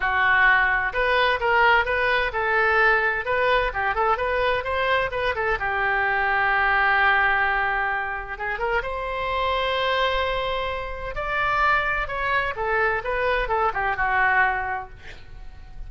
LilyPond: \new Staff \with { instrumentName = "oboe" } { \time 4/4 \tempo 4 = 129 fis'2 b'4 ais'4 | b'4 a'2 b'4 | g'8 a'8 b'4 c''4 b'8 a'8 | g'1~ |
g'2 gis'8 ais'8 c''4~ | c''1 | d''2 cis''4 a'4 | b'4 a'8 g'8 fis'2 | }